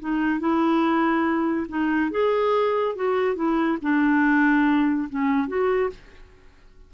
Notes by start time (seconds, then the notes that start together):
0.00 D#4
0.40 E4
1.69 D#4
2.11 G#4
2.96 F#4
3.36 E4
3.82 D4
5.10 C#4
5.48 F#4